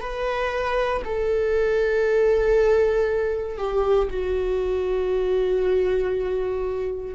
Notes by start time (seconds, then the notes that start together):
0.00 B4
1.04 A4
3.57 G4
4.10 F#4